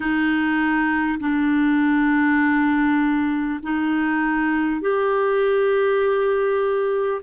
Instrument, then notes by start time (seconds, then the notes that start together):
clarinet
0.00 D#4
1.19 D4
3.63 D#4
4.81 G4